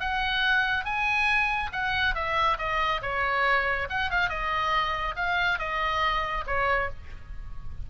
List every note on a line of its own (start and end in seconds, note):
0.00 0.85 F#5
0.85 1.70 G#5
1.72 2.15 F#5
2.15 2.58 E5
2.59 3.01 D#5
3.02 3.88 C#5
3.90 4.10 F#5
4.10 4.29 F5
4.29 5.15 D#5
5.16 5.59 F5
5.59 6.44 D#5
6.47 6.90 C#5